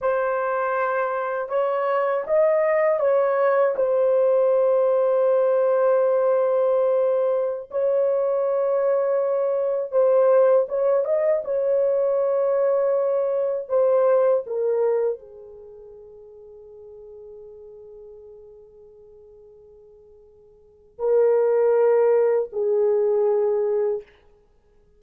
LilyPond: \new Staff \with { instrumentName = "horn" } { \time 4/4 \tempo 4 = 80 c''2 cis''4 dis''4 | cis''4 c''2.~ | c''2~ c''16 cis''4.~ cis''16~ | cis''4~ cis''16 c''4 cis''8 dis''8 cis''8.~ |
cis''2~ cis''16 c''4 ais'8.~ | ais'16 gis'2.~ gis'8.~ | gis'1 | ais'2 gis'2 | }